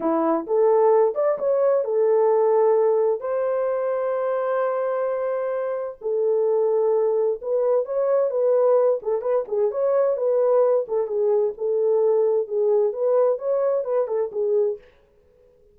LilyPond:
\new Staff \with { instrumentName = "horn" } { \time 4/4 \tempo 4 = 130 e'4 a'4. d''8 cis''4 | a'2. c''4~ | c''1~ | c''4 a'2. |
b'4 cis''4 b'4. a'8 | b'8 gis'8 cis''4 b'4. a'8 | gis'4 a'2 gis'4 | b'4 cis''4 b'8 a'8 gis'4 | }